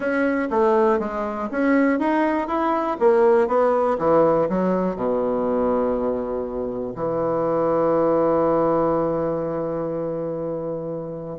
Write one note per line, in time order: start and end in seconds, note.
0.00 0.48 C#4
0.50 0.99 A3
0.99 1.48 G#3
1.51 1.99 C#4
1.99 2.47 D#4
2.47 2.97 E4
2.99 3.47 A#3
3.47 3.97 B3
3.98 4.48 E3
4.49 4.95 F#3
4.95 6.94 B2
6.95 11.38 E3